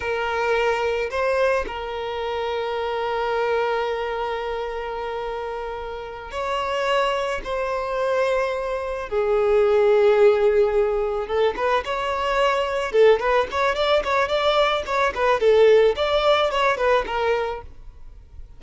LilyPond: \new Staff \with { instrumentName = "violin" } { \time 4/4 \tempo 4 = 109 ais'2 c''4 ais'4~ | ais'1~ | ais'2.~ ais'8 cis''8~ | cis''4. c''2~ c''8~ |
c''8 gis'2.~ gis'8~ | gis'8 a'8 b'8 cis''2 a'8 | b'8 cis''8 d''8 cis''8 d''4 cis''8 b'8 | a'4 d''4 cis''8 b'8 ais'4 | }